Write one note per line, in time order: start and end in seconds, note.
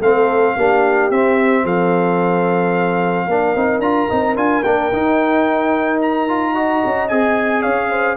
0.00 0.55 A3
0.00 0.58 C4
0.00 0.56 A4
0.00 1.11 F5
0.56 1.11 A#3
0.56 1.13 D4
0.56 1.64 G4
1.11 1.65 C4
1.11 3.30 C4
1.11 1.66 E5
1.64 3.27 F3
1.64 3.27 A4
1.64 3.82 F5
3.27 3.55 A#3
3.27 3.56 D4
3.27 6.54 A#4
3.56 3.80 C4
3.56 3.83 D#4
3.80 4.07 D4
3.80 4.10 F4
3.80 4.36 A#5
4.10 4.36 C4
4.10 4.36 D#4
4.36 4.63 D4
4.36 4.63 F4
4.36 4.64 G#5
4.64 4.92 A#3
4.64 4.93 D4
4.64 6.00 G5
4.93 6.84 D#4
4.93 6.29 D#4
6.02 7.09 A#5
6.29 6.55 F4
6.54 7.10 F#4
6.54 7.63 D#5
6.85 7.11 C#4
7.09 7.65 C4
7.09 8.17 G#4
7.09 7.63 G#5
7.63 8.17 C#4
7.63 7.90 C#5
7.63 8.17 F5
7.91 8.17 C5